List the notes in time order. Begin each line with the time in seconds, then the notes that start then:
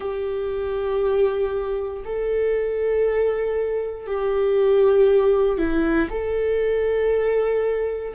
0.00 G4
2.04 A4
4.07 G4
5.57 E4
6.10 A4